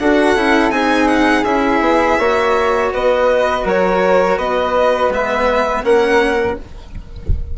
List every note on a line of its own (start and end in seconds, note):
0.00 0.36 D4
0.00 0.37 F#4
0.00 0.73 A4
0.00 0.71 F#5
0.36 0.71 C#4
0.36 0.71 E4
0.71 1.44 C4
0.71 1.45 D#4
0.71 2.20 G#4
0.71 1.08 G#5
1.08 1.44 F#5
1.44 1.80 C#4
1.44 2.20 E4
1.44 2.91 E5
1.80 2.17 B3
2.19 2.93 A#3
2.19 5.12 F#4
2.19 2.93 C#5
2.93 3.65 B3
2.93 3.66 B4
2.93 3.68 D#5
3.65 4.38 F#3
3.65 4.38 A#4
3.65 4.39 C#5
4.38 5.09 B3
4.38 5.84 B4
4.38 5.12 D#5
5.09 5.83 G#3
5.09 5.84 B3
5.09 5.85 E5
5.84 6.58 A#3
5.84 6.57 C#4
5.84 6.58 A#4
5.84 6.58 F#5